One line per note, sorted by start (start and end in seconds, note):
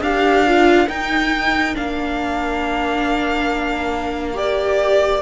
0.00 0.87 D4
0.00 0.46 G4
0.00 5.21 A#4
0.00 0.88 F5
0.46 0.87 F4
0.87 1.74 D#4
0.87 1.75 D#4
0.87 1.75 G5
1.74 5.21 A#3
1.74 4.33 D4
1.74 4.37 F5
4.33 5.20 G4
4.33 5.21 D5